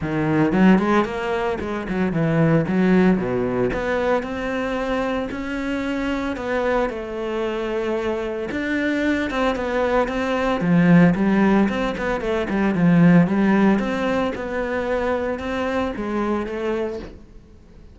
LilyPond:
\new Staff \with { instrumentName = "cello" } { \time 4/4 \tempo 4 = 113 dis4 fis8 gis8 ais4 gis8 fis8 | e4 fis4 b,4 b4 | c'2 cis'2 | b4 a2. |
d'4. c'8 b4 c'4 | f4 g4 c'8 b8 a8 g8 | f4 g4 c'4 b4~ | b4 c'4 gis4 a4 | }